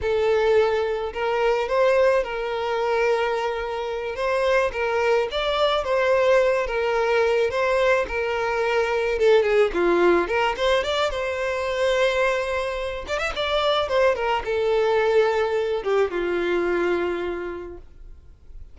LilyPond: \new Staff \with { instrumentName = "violin" } { \time 4/4 \tempo 4 = 108 a'2 ais'4 c''4 | ais'2.~ ais'8 c''8~ | c''8 ais'4 d''4 c''4. | ais'4. c''4 ais'4.~ |
ais'8 a'8 gis'8 f'4 ais'8 c''8 d''8 | c''2.~ c''8 d''16 e''16 | d''4 c''8 ais'8 a'2~ | a'8 g'8 f'2. | }